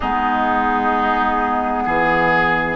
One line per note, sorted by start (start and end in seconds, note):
0.00 1.86 G#3
0.00 2.75 B3
0.00 1.83 D#4
0.00 2.75 G#4
1.85 2.75 E3
1.85 2.75 G#4